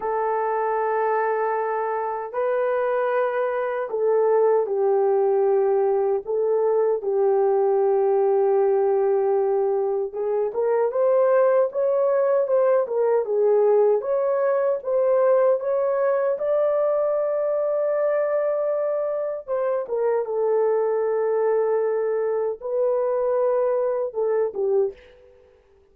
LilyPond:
\new Staff \with { instrumentName = "horn" } { \time 4/4 \tempo 4 = 77 a'2. b'4~ | b'4 a'4 g'2 | a'4 g'2.~ | g'4 gis'8 ais'8 c''4 cis''4 |
c''8 ais'8 gis'4 cis''4 c''4 | cis''4 d''2.~ | d''4 c''8 ais'8 a'2~ | a'4 b'2 a'8 g'8 | }